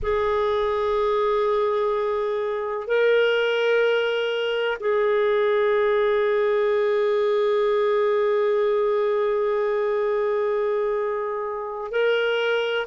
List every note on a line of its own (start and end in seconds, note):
0.02 2.87 G#4
2.87 4.77 A#4
4.80 11.90 G#4
11.90 12.86 A#4